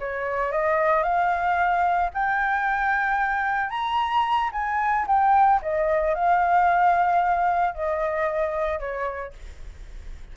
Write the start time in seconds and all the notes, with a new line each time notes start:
0.00 C#5
0.52 D#5
1.03 F5
2.14 G5
3.70 A#5
4.53 G#5
5.07 G5
5.62 D#5
6.15 F5
7.75 D#5
8.80 C#5